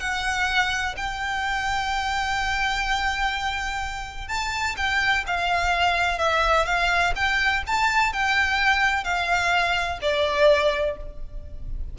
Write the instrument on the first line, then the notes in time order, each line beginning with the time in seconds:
violin
0.00 F#5
0.97 G5
4.28 A5
4.77 G5
5.27 F5
6.19 E5
6.66 F5
7.16 G5
7.67 A5
8.13 G5
9.04 F5
10.02 D5